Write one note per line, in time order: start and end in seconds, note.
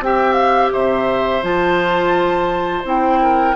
0.00 0.71 C4
0.00 1.43 G4
0.00 0.73 E5
0.00 0.33 G5
0.33 0.69 F5
0.73 1.43 C3
0.73 3.20 C5
0.73 1.44 E5
1.43 2.84 F3
1.43 2.84 F4
1.43 2.85 A5
2.84 3.55 C4
2.84 3.55 E4
2.84 3.56 G5
3.23 3.56 A#4